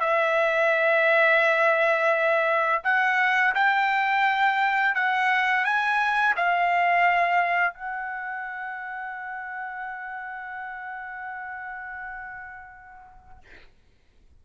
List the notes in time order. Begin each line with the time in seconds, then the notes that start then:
0.00 E5
2.84 F#5
3.55 G5
4.95 F#5
5.64 G#5
6.36 F5
7.74 F#5